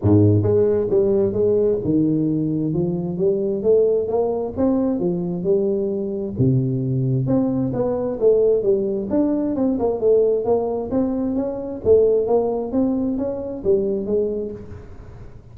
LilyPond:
\new Staff \with { instrumentName = "tuba" } { \time 4/4 \tempo 4 = 132 gis,4 gis4 g4 gis4 | dis2 f4 g4 | a4 ais4 c'4 f4 | g2 c2 |
c'4 b4 a4 g4 | d'4 c'8 ais8 a4 ais4 | c'4 cis'4 a4 ais4 | c'4 cis'4 g4 gis4 | }